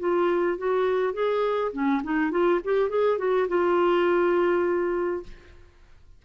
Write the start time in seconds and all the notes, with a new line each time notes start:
0.00 F4
0.58 F#4
1.14 G#4
1.73 C#4
2.04 D#4
2.31 F4
2.65 G4
2.90 G#4
3.19 F#4
3.49 F4